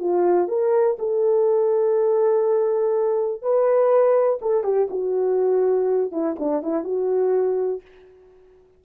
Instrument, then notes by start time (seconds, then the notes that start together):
horn
0.00 F4
0.48 A#4
0.99 A4
3.42 B4
4.42 A4
4.64 G4
4.90 F#4
6.12 E4
6.39 D4
6.63 E4
6.84 F#4